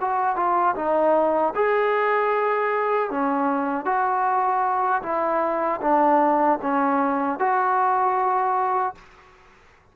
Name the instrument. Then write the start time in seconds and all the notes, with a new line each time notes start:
trombone
0.00 F#4
0.36 F4
0.75 D#4
1.55 G#4
3.10 C#4
3.85 F#4
5.02 E4
5.81 D4
6.62 C#4
7.39 F#4